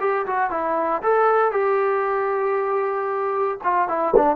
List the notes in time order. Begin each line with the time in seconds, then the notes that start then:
0.00 G4
0.26 F#4
0.50 E4
1.02 A4
1.51 G4
3.63 F4
3.88 E4
4.16 D4